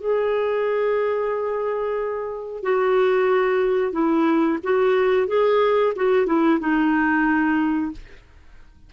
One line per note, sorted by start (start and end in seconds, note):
0.00 2.63 G#4
2.63 3.92 F#4
3.92 4.58 E4
4.63 5.27 F#4
5.27 5.93 G#4
5.96 6.26 F#4
6.26 6.59 E4
6.60 7.92 D#4